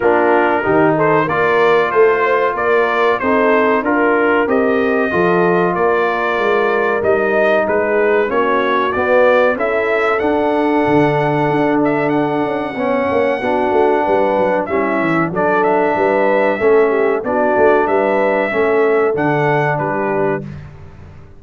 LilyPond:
<<
  \new Staff \with { instrumentName = "trumpet" } { \time 4/4 \tempo 4 = 94 ais'4. c''8 d''4 c''4 | d''4 c''4 ais'4 dis''4~ | dis''4 d''2 dis''4 | b'4 cis''4 d''4 e''4 |
fis''2~ fis''8 e''8 fis''4~ | fis''2. e''4 | d''8 e''2~ e''8 d''4 | e''2 fis''4 b'4 | }
  \new Staff \with { instrumentName = "horn" } { \time 4/4 f'4 g'8 a'8 ais'4 a'8 c''8 | ais'4 a'4 ais'2 | a'4 ais'2. | gis'4 fis'2 a'4~ |
a'1 | cis''4 fis'4 b'4 e'4 | a'4 b'4 a'8 g'8 fis'4 | b'4 a'2 g'4 | }
  \new Staff \with { instrumentName = "trombone" } { \time 4/4 d'4 dis'4 f'2~ | f'4 dis'4 f'4 g'4 | f'2. dis'4~ | dis'4 cis'4 b4 e'4 |
d'1 | cis'4 d'2 cis'4 | d'2 cis'4 d'4~ | d'4 cis'4 d'2 | }
  \new Staff \with { instrumentName = "tuba" } { \time 4/4 ais4 dis4 ais4 a4 | ais4 c'4 d'4 c'4 | f4 ais4 gis4 g4 | gis4 ais4 b4 cis'4 |
d'4 d4 d'4. cis'8 | b8 ais8 b8 a8 g8 fis8 g8 e8 | fis4 g4 a4 b8 a8 | g4 a4 d4 g4 | }
>>